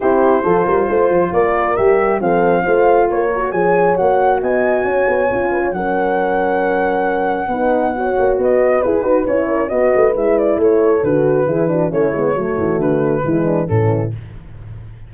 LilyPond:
<<
  \new Staff \with { instrumentName = "flute" } { \time 4/4 \tempo 4 = 136 c''2. d''4 | e''4 f''2 cis''4 | gis''4 fis''4 gis''2~ | gis''4 fis''2.~ |
fis''2. dis''4 | b'4 cis''4 dis''4 e''8 d''8 | cis''4 b'2 cis''4~ | cis''4 b'2 a'4 | }
  \new Staff \with { instrumentName = "horn" } { \time 4/4 g'4 a'8 ais'8 c''4 ais'4~ | ais'4 a'4 c''4 ais'4 | cis''2 dis''4 cis''4~ | cis''8 b'16 cis''16 ais'2.~ |
ais'4 b'4 cis''4 b'4~ | b'4. ais'8 b'2 | a'2 gis'8 fis'8 e'4 | fis'2 e'8 d'8 cis'4 | }
  \new Staff \with { instrumentName = "horn" } { \time 4/4 e'4 f'2. | g'4 c'4 f'4. fis'8 | gis'4 fis'2. | f'4 cis'2.~ |
cis'4 dis'4 fis'2 | gis'8 fis'8 e'4 fis'4 e'4~ | e'4 fis'4 e'8 d'8 cis'8 b8 | a2 gis4 e4 | }
  \new Staff \with { instrumentName = "tuba" } { \time 4/4 c'4 f8 g8 a8 f8 ais4 | g4 f4 a4 ais4 | f4 ais4 b4 cis'8 b8 | cis'4 fis2.~ |
fis4 b4. ais8 b4 | e'8 dis'8 cis'4 b8 a8 gis4 | a4 d4 e4 a8 gis8 | fis8 e8 d4 e4 a,4 | }
>>